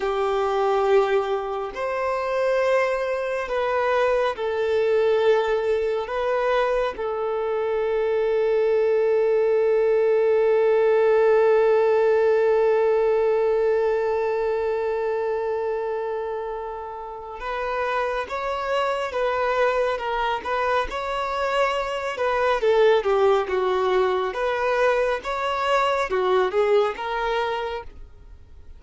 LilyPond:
\new Staff \with { instrumentName = "violin" } { \time 4/4 \tempo 4 = 69 g'2 c''2 | b'4 a'2 b'4 | a'1~ | a'1~ |
a'1 | b'4 cis''4 b'4 ais'8 b'8 | cis''4. b'8 a'8 g'8 fis'4 | b'4 cis''4 fis'8 gis'8 ais'4 | }